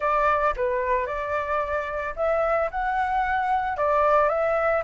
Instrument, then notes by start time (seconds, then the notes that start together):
flute
0.00 D5
0.56 B4
1.06 D5
2.15 E5
2.71 F#5
3.77 D5
4.29 E5